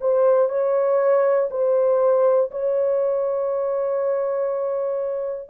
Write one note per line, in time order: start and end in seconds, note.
0.00 0.49 C5
0.49 1.49 C#5
1.50 2.50 C5
2.50 5.49 C#5